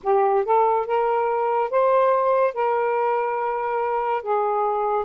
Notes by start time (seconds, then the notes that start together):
0.03 G4
0.45 A4
0.86 A#4
1.70 C5
2.54 A#4
4.22 G#4